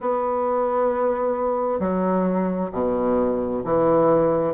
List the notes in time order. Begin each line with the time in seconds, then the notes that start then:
0.00 B3
1.79 F#3
2.72 B2
3.64 E3